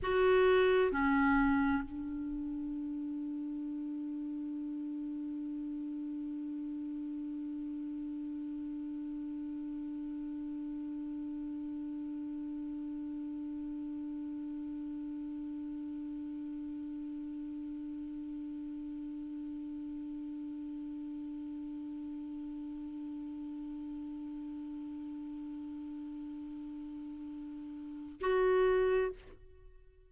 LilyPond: \new Staff \with { instrumentName = "clarinet" } { \time 4/4 \tempo 4 = 66 fis'4 cis'4 d'2~ | d'1~ | d'1~ | d'1~ |
d'1~ | d'1~ | d'1~ | d'2. fis'4 | }